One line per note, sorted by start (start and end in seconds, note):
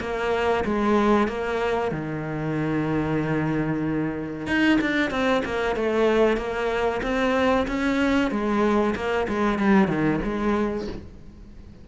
0.00 0.64 A#3
0.64 1.28 G#3
1.28 1.91 A#3
1.91 4.47 D#3
4.47 4.78 D#4
4.81 5.10 D4
5.10 5.42 C4
5.45 5.76 A#3
5.76 6.37 A3
6.37 7.01 A#3
7.02 7.66 C4
7.67 8.31 C#4
8.31 8.94 G#3
8.95 9.27 A#3
9.28 9.58 G#3
9.58 9.88 G3
9.88 10.20 D#3
10.24 10.87 G#3